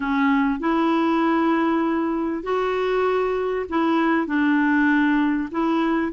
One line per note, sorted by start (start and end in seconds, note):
0.00 0.59 C#4
0.59 2.43 E4
2.43 3.65 F#4
3.69 4.27 E4
4.27 5.49 D4
5.51 6.12 E4